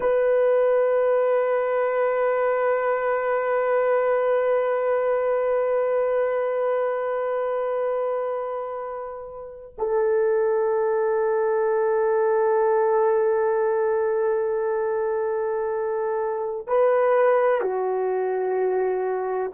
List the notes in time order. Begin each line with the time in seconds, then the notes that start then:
0.00 B4
9.77 A4
16.67 B4
17.61 F#4